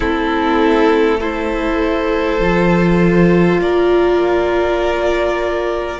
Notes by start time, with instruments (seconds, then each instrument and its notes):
0.00 cello A3, viola C4, violin E4 A4
1.19 viola E4, violin A4 C5
2.40 cello F3, viola F4
3.58 cello A#3, violin A#4 D5